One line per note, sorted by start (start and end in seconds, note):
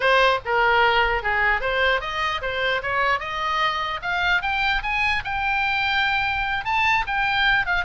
0.00 0.39 C5
0.45 1.22 A#4
1.22 1.60 G#4
1.60 2.00 C5
2.00 2.41 D#5
2.41 2.82 C5
2.82 3.19 C#5
3.19 4.00 D#5
4.01 4.42 F5
4.42 4.82 G5
4.82 5.23 G#5
5.24 6.65 G5
6.65 7.05 A5
7.06 7.66 G5
7.66 7.84 F5